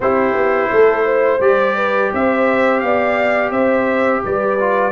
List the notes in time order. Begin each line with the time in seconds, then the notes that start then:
0.00 C4 E4 G4 C5
0.34 B3
0.72 A3 A4
1.05 C5
1.40 G3 G4 D5
1.76 B4
2.13 C4 C5 E5
2.79 B3 D5 F5
3.50 C4 C5 E5
4.24 G3 B4 D5
4.59 F4